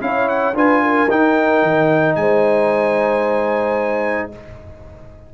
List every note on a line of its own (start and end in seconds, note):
0.00 0.54 C#4
0.00 0.54 E4
0.00 0.55 C#5
0.00 0.28 F5
0.28 0.55 F#5
0.54 1.08 D4
0.54 1.08 F4
0.54 0.82 B4
0.54 1.10 G#5
0.82 2.16 A#4
1.10 4.31 D#4
1.10 1.62 D#4
1.10 2.15 G5
1.62 2.15 D#3
2.15 4.30 G#3
2.15 4.34 C5
2.15 4.29 G#5